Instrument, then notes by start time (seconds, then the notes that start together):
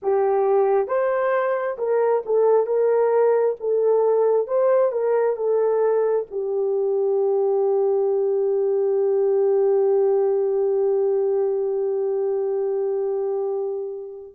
horn
0.02 G4
0.87 C5
1.77 A#4
2.26 A4
2.66 A#4
3.60 A4
4.47 C5
4.92 A#4
5.36 A4
6.31 G4